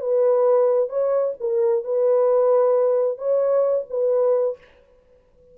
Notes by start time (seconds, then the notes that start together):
0.00 B4
0.89 C#5
1.40 A#4
1.84 B4
3.18 C#5
3.90 B4